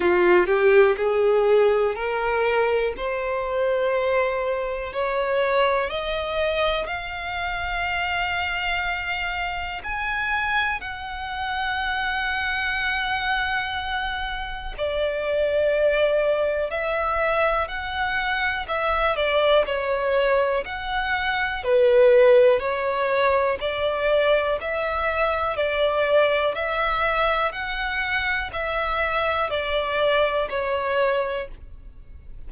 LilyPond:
\new Staff \with { instrumentName = "violin" } { \time 4/4 \tempo 4 = 61 f'8 g'8 gis'4 ais'4 c''4~ | c''4 cis''4 dis''4 f''4~ | f''2 gis''4 fis''4~ | fis''2. d''4~ |
d''4 e''4 fis''4 e''8 d''8 | cis''4 fis''4 b'4 cis''4 | d''4 e''4 d''4 e''4 | fis''4 e''4 d''4 cis''4 | }